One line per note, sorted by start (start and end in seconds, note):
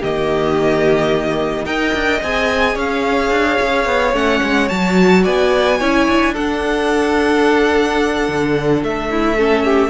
0.00 1.66 D#3
0.00 1.66 A#3
0.00 1.65 G4
0.00 1.65 D#5
1.65 1.93 D#4
1.65 2.21 A#4
1.65 2.75 D#5
1.65 2.20 G5
1.94 2.21 D4
2.22 2.75 C4
2.22 4.14 G#4
2.22 2.78 G#5
2.75 3.30 C#4
2.75 5.22 C#5
2.75 4.15 F5
3.30 3.57 D4
3.61 3.85 C#4
3.85 4.13 B3
4.13 4.40 A3
4.13 4.69 C#4
4.13 4.68 F#5
4.42 4.70 G#3
4.68 5.26 F#3
4.68 5.80 F#4
4.68 5.23 A5
5.23 5.81 B3
5.23 5.78 D5
5.23 6.34 G#5
5.79 6.07 C#4
5.79 6.35 E4
5.79 6.33 C#5
6.07 8.28 D4
6.33 9.38 D4
6.33 9.08 A4
6.33 8.83 F#5
8.28 8.82 D3
8.82 9.89 A3
8.82 9.89 E5
9.10 9.37 E4
9.37 9.89 C#4
9.37 9.64 A4
9.64 9.89 G4